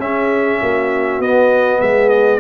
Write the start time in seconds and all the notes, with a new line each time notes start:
0.00 C#4 G#4 E5
0.61 A#3 F#4
1.20 B3 D#5
1.80 G#3 G#4 E5
2.09 D#5